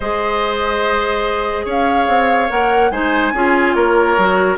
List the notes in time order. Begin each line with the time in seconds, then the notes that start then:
0.00 G#3 G#4 C5 D#5
1.65 C#4 C#5 F5
2.07 C4
2.49 A#3 A#4 F#5
2.90 G#3 D#4 C5 G#5
3.32 C#4 F4 G#4
3.73 A#3 A#4 C#5
4.17 F#3 F#4